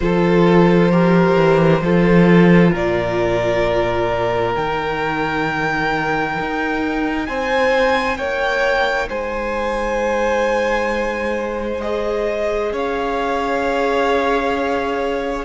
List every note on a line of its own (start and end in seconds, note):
0.00 1.35 F3
0.00 0.91 F4
0.00 0.91 A4
0.00 2.72 C5
0.91 1.82 G4
0.91 1.82 A#4
1.35 1.80 E3
1.81 2.72 F3
1.81 4.54 F4
1.81 2.71 A4
2.71 4.55 A#2
2.71 7.26 A#4
2.71 4.55 D5
4.54 6.38 D#3
4.54 11.81 D#4
4.54 7.26 G5
6.39 7.28 D#4
7.26 8.17 C4
7.26 8.18 C5
7.26 8.17 G#5
8.17 9.08 A#3
8.17 9.09 C#5
8.17 9.08 G5
9.09 12.72 G#3
9.09 12.72 C5
9.09 11.81 G#5
11.81 15.45 G#4
11.81 12.72 D#5
12.72 15.45 C#4
12.72 15.45 C#5
12.72 15.45 F5